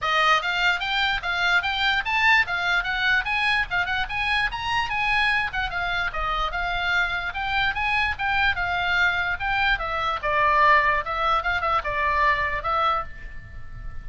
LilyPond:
\new Staff \with { instrumentName = "oboe" } { \time 4/4 \tempo 4 = 147 dis''4 f''4 g''4 f''4 | g''4 a''4 f''4 fis''4 | gis''4 f''8 fis''8 gis''4 ais''4 | gis''4. fis''8 f''4 dis''4 |
f''2 g''4 gis''4 | g''4 f''2 g''4 | e''4 d''2 e''4 | f''8 e''8 d''2 e''4 | }